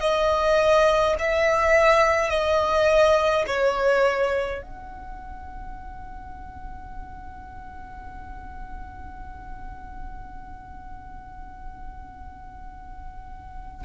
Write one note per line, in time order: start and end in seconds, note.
0.00 1.15 D#5
1.19 2.29 E5
2.29 3.45 D#5
3.47 4.62 C#5
4.63 13.85 F#5